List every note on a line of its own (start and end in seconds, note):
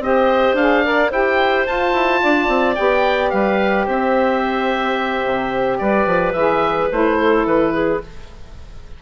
0.00 0.53 C4
0.00 0.57 G4
0.00 0.84 C5
0.00 0.57 D#5
0.53 1.08 D4
0.53 0.84 G#4
0.53 1.12 F5
0.84 1.12 A#4
0.84 1.10 D5
1.10 1.67 E4
1.10 1.66 G4
1.10 2.20 C5
1.10 1.67 G5
1.66 2.76 F4
1.66 1.93 F4
1.66 2.76 A5
1.93 2.21 E4
2.23 2.49 D4
2.23 3.33 D5
2.49 2.76 C4
2.76 3.33 B3
2.76 6.34 G4
2.76 3.31 G5
3.31 3.88 G3
3.31 3.86 B4
3.31 3.86 F5
3.86 5.25 C4
3.86 5.78 C5
3.86 5.78 E5
5.25 5.80 C3
5.78 6.06 G3
5.78 7.18 B4
5.78 6.33 D5
6.06 6.34 F3
6.33 6.89 E3
6.33 6.91 G#4
6.33 6.88 E5
6.92 7.46 A3
6.92 8.02 E4
6.92 7.47 C5
7.18 7.73 A4
7.46 8.01 E3
7.46 8.02 B4
7.73 8.01 G#4